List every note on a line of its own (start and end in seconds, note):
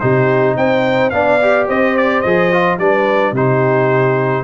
0.00 0.56 C3
0.00 1.12 D#4
0.00 0.57 G4
0.00 0.56 C5
0.56 1.12 C4
0.56 1.13 C5
0.56 1.10 G5
1.10 1.68 B3
1.10 1.41 D4
1.10 1.69 D5
1.10 1.66 F5
1.42 2.25 G4
1.69 2.24 C4
1.69 2.80 C5
1.69 1.97 D#5
1.97 2.22 D5
2.22 2.79 F3
2.22 2.53 G#4
2.22 2.77 D#5
2.53 2.80 F4
2.79 3.32 G3
2.79 3.36 D4
2.79 3.34 B4
2.79 3.35 D5
3.32 4.44 C3
3.32 4.44 D#4
3.32 4.44 G4
3.32 4.44 C5